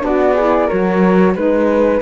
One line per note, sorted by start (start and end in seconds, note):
0.00 0.69 B3
0.00 0.33 D4
0.00 0.34 F#4
0.00 0.69 D5
0.34 0.70 E4
0.34 0.66 G#4
0.66 1.35 F#3
0.66 1.36 F#4
0.66 1.32 A#4
0.66 1.35 C#5
1.35 2.01 G#3
1.35 2.01 D#4
1.35 2.01 B4